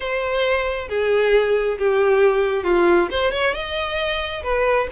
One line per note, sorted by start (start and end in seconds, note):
0.00 0.88 C5
0.88 1.77 G#4
1.78 2.64 G4
2.64 3.08 F4
3.11 3.31 C5
3.31 3.53 C#5
3.53 4.42 D#5
4.43 4.87 B4